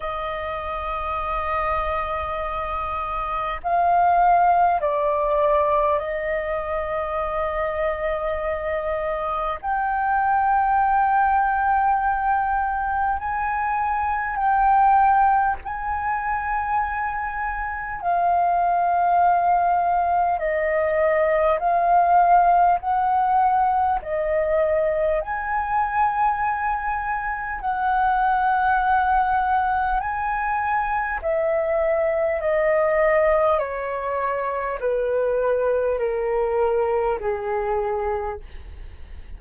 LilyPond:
\new Staff \with { instrumentName = "flute" } { \time 4/4 \tempo 4 = 50 dis''2. f''4 | d''4 dis''2. | g''2. gis''4 | g''4 gis''2 f''4~ |
f''4 dis''4 f''4 fis''4 | dis''4 gis''2 fis''4~ | fis''4 gis''4 e''4 dis''4 | cis''4 b'4 ais'4 gis'4 | }